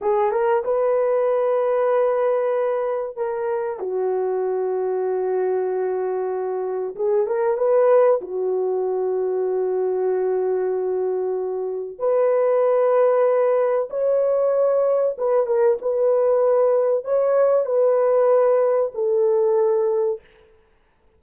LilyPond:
\new Staff \with { instrumentName = "horn" } { \time 4/4 \tempo 4 = 95 gis'8 ais'8 b'2.~ | b'4 ais'4 fis'2~ | fis'2. gis'8 ais'8 | b'4 fis'2.~ |
fis'2. b'4~ | b'2 cis''2 | b'8 ais'8 b'2 cis''4 | b'2 a'2 | }